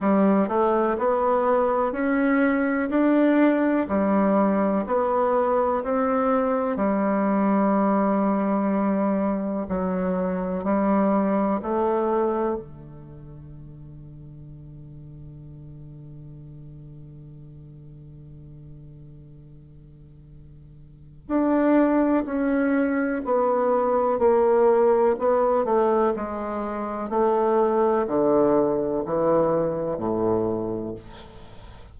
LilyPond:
\new Staff \with { instrumentName = "bassoon" } { \time 4/4 \tempo 4 = 62 g8 a8 b4 cis'4 d'4 | g4 b4 c'4 g4~ | g2 fis4 g4 | a4 d2.~ |
d1~ | d2 d'4 cis'4 | b4 ais4 b8 a8 gis4 | a4 d4 e4 a,4 | }